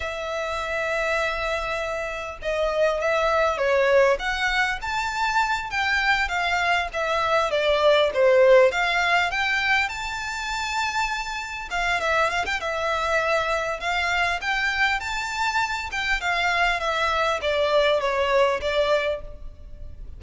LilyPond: \new Staff \with { instrumentName = "violin" } { \time 4/4 \tempo 4 = 100 e''1 | dis''4 e''4 cis''4 fis''4 | a''4. g''4 f''4 e''8~ | e''8 d''4 c''4 f''4 g''8~ |
g''8 a''2. f''8 | e''8 f''16 g''16 e''2 f''4 | g''4 a''4. g''8 f''4 | e''4 d''4 cis''4 d''4 | }